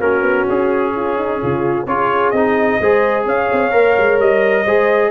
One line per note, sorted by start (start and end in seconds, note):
0.00 0.22 A#3
0.00 1.87 C#4
0.00 0.94 F#4
0.00 0.48 A#4
0.22 0.45 B3
0.49 1.42 C#4
0.49 1.87 G#4
0.96 1.17 F4
1.17 1.40 D#4
1.42 1.86 C#3
1.42 1.89 F4
1.86 2.33 C#4
1.86 2.35 F4
1.86 2.81 G#4
1.86 2.31 C#5
2.31 2.79 C4
2.31 2.82 D#4
2.31 3.24 D#5
2.80 3.26 G#3
2.80 3.71 G#4
2.80 3.26 C5
3.26 3.49 C#4
3.26 4.65 C#5
3.26 4.20 F5
3.52 3.73 C4
3.71 3.96 A#3
3.71 4.64 A#4
3.97 4.19 G#3
4.19 4.66 G3
4.19 5.11 D#5
4.65 5.11 G#3
4.65 5.11 G#4
4.65 5.11 C5